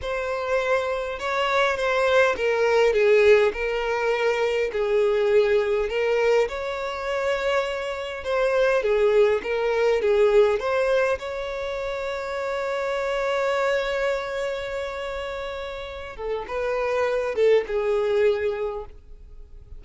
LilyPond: \new Staff \with { instrumentName = "violin" } { \time 4/4 \tempo 4 = 102 c''2 cis''4 c''4 | ais'4 gis'4 ais'2 | gis'2 ais'4 cis''4~ | cis''2 c''4 gis'4 |
ais'4 gis'4 c''4 cis''4~ | cis''1~ | cis''2.~ cis''8 a'8 | b'4. a'8 gis'2 | }